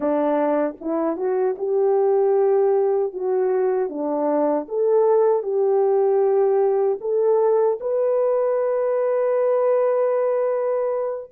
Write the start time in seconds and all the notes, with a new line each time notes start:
0.00 D4
0.80 E4
1.17 F#4
1.58 G4
3.13 F#4
3.89 D4
4.68 A4
5.42 G4
7.01 A4
7.80 B4